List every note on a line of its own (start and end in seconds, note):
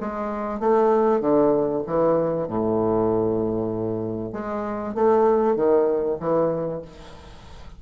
0.00 0.60 G#3
0.60 1.20 A3
1.20 1.82 D3
1.86 2.48 E3
2.48 4.33 A2
4.33 4.95 G#3
4.95 5.56 A3
5.56 6.18 D#3
6.20 6.82 E3